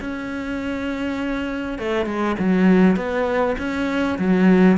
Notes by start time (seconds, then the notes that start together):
0.00 C#4
1.78 A3
2.05 G#3
2.39 F#3
2.96 B3
3.58 C#4
4.18 F#3